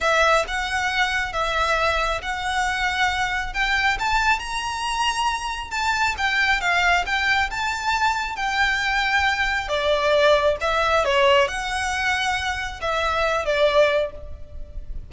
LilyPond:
\new Staff \with { instrumentName = "violin" } { \time 4/4 \tempo 4 = 136 e''4 fis''2 e''4~ | e''4 fis''2. | g''4 a''4 ais''2~ | ais''4 a''4 g''4 f''4 |
g''4 a''2 g''4~ | g''2 d''2 | e''4 cis''4 fis''2~ | fis''4 e''4. d''4. | }